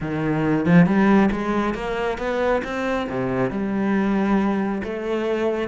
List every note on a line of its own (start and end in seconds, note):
0.00 0.65 D#3
0.65 0.85 F3
0.85 1.29 G3
1.31 1.74 G#3
1.74 2.18 A#3
2.18 2.62 B3
2.64 3.08 C4
3.09 3.50 C3
3.50 4.82 G3
4.83 5.68 A3